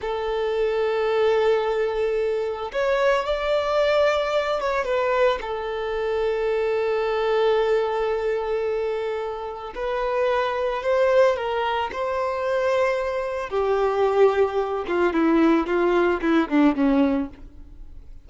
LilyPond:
\new Staff \with { instrumentName = "violin" } { \time 4/4 \tempo 4 = 111 a'1~ | a'4 cis''4 d''2~ | d''8 cis''8 b'4 a'2~ | a'1~ |
a'2 b'2 | c''4 ais'4 c''2~ | c''4 g'2~ g'8 f'8 | e'4 f'4 e'8 d'8 cis'4 | }